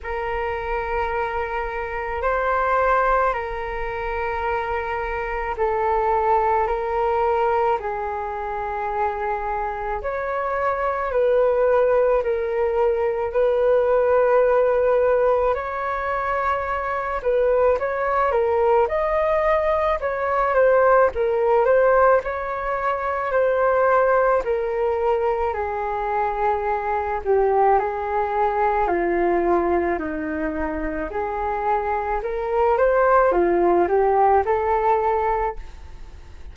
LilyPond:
\new Staff \with { instrumentName = "flute" } { \time 4/4 \tempo 4 = 54 ais'2 c''4 ais'4~ | ais'4 a'4 ais'4 gis'4~ | gis'4 cis''4 b'4 ais'4 | b'2 cis''4. b'8 |
cis''8 ais'8 dis''4 cis''8 c''8 ais'8 c''8 | cis''4 c''4 ais'4 gis'4~ | gis'8 g'8 gis'4 f'4 dis'4 | gis'4 ais'8 c''8 f'8 g'8 a'4 | }